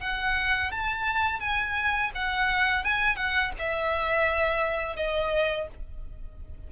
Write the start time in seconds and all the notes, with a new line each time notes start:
0.00 F#5
0.71 A5
1.40 G#5
2.14 F#5
2.83 G#5
3.16 F#5
3.58 E5
4.96 D#5